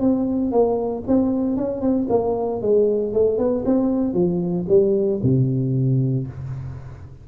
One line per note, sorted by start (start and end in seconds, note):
0.00 0.52 C4
0.52 1.04 A#3
1.07 1.57 C4
1.57 1.81 C#4
1.81 2.08 C4
2.09 2.62 A#3
2.62 3.14 G#3
3.14 3.38 A3
3.38 3.64 B3
3.65 4.14 C4
4.14 4.66 F3
4.69 5.21 G3
5.23 6.27 C3